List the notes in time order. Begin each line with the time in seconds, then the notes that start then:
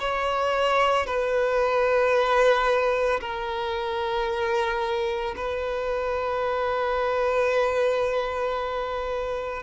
0.00 C#5
1.06 B4
3.21 A#4
5.36 B4